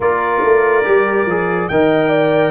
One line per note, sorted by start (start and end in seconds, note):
0.00 0.42 A#3
0.00 0.84 F4
0.00 1.70 A#4
0.00 1.68 D5
0.43 0.86 A3
0.84 1.26 G3
0.84 1.26 G4
1.26 1.68 F3
1.26 1.71 G#4
1.68 2.51 D#3
1.68 2.51 A#4
1.68 2.09 D#5
1.68 2.51 G5
2.09 2.51 D5